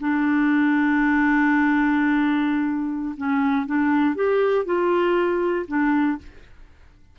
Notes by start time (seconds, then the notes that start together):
0.00 D4
3.17 C#4
3.66 D4
4.15 G4
4.65 F4
5.67 D4